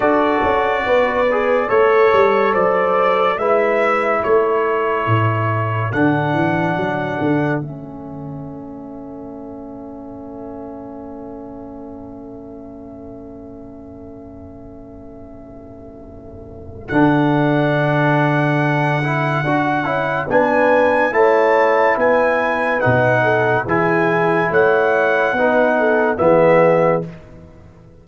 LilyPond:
<<
  \new Staff \with { instrumentName = "trumpet" } { \time 4/4 \tempo 4 = 71 d''2 cis''4 d''4 | e''4 cis''2 fis''4~ | fis''4 e''2.~ | e''1~ |
e''1 | fis''1 | gis''4 a''4 gis''4 fis''4 | gis''4 fis''2 e''4 | }
  \new Staff \with { instrumentName = "horn" } { \time 4/4 a'4 b'4 cis''4 c''4 | b'4 a'2.~ | a'1~ | a'1~ |
a'1~ | a'1 | b'4 cis''4 b'4. a'8 | gis'4 cis''4 b'8 a'8 gis'4 | }
  \new Staff \with { instrumentName = "trombone" } { \time 4/4 fis'4. gis'8 a'2 | e'2. d'4~ | d'4 cis'2.~ | cis'1~ |
cis'1 | d'2~ d'8 e'8 fis'8 e'8 | d'4 e'2 dis'4 | e'2 dis'4 b4 | }
  \new Staff \with { instrumentName = "tuba" } { \time 4/4 d'8 cis'8 b4 a8 g8 fis4 | gis4 a4 a,4 d8 e8 | fis8 d8 a2.~ | a1~ |
a1 | d2. d'8 cis'8 | b4 a4 b4 b,4 | e4 a4 b4 e4 | }
>>